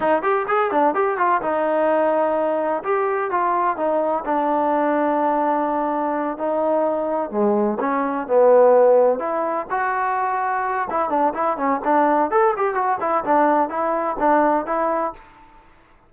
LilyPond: \new Staff \with { instrumentName = "trombone" } { \time 4/4 \tempo 4 = 127 dis'8 g'8 gis'8 d'8 g'8 f'8 dis'4~ | dis'2 g'4 f'4 | dis'4 d'2.~ | d'4. dis'2 gis8~ |
gis8 cis'4 b2 e'8~ | e'8 fis'2~ fis'8 e'8 d'8 | e'8 cis'8 d'4 a'8 g'8 fis'8 e'8 | d'4 e'4 d'4 e'4 | }